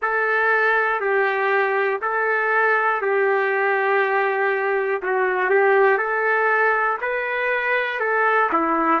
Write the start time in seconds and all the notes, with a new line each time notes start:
0.02 A4
1.00 G4
2.01 A4
3.01 G4
5.02 F#4
5.50 G4
5.97 A4
7.01 B4
8.00 A4
8.52 E4